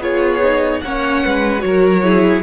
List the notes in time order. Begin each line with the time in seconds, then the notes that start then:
0.00 B3 F4 G#4 C#5
0.43 D#4
0.82 A#3 C#4 C#5 F#5
1.24 G#3 B4
1.59 F#3 F#4 C#5
1.67 A#4
2.04 E4 G#4